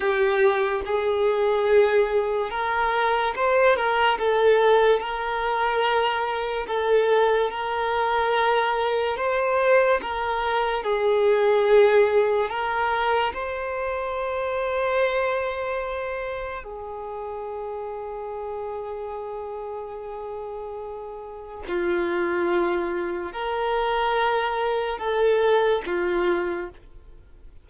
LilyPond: \new Staff \with { instrumentName = "violin" } { \time 4/4 \tempo 4 = 72 g'4 gis'2 ais'4 | c''8 ais'8 a'4 ais'2 | a'4 ais'2 c''4 | ais'4 gis'2 ais'4 |
c''1 | gis'1~ | gis'2 f'2 | ais'2 a'4 f'4 | }